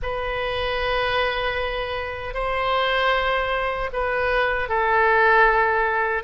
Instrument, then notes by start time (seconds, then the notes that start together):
oboe
0.02 B4
2.34 C5
3.92 B4
4.69 A4